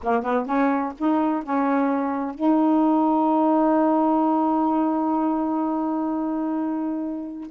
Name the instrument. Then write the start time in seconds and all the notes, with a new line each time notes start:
saxophone
0.03 A#3
0.23 B3
0.46 C#4
0.98 D#4
1.43 C#4
2.34 D#4